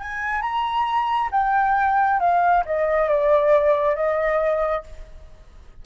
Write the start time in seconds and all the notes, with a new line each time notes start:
0.00 G#5
0.41 A#5
1.32 G5
2.20 F5
2.65 D#5
3.08 D5
3.95 D#5